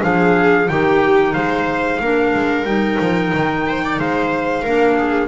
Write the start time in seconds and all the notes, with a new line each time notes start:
0.00 F3 D4 G#4 F5
0.68 D#3 D#4 G4 G5
1.33 G#3 C5 F5
2.00 A#3 D4 A#4
2.34 G#3
2.64 G3 D#4 G5
3.00 F3
3.33 D#3
3.67 C5
3.84 D5
3.98 G#3 C5 F5
4.62 A#3 D4 A#4
4.98 G#4